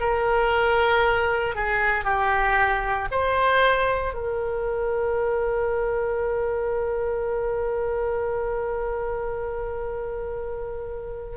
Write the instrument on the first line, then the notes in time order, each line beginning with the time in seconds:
oboe
0.00 A#4
1.55 G#4
2.05 G4
3.11 C5
4.13 A#4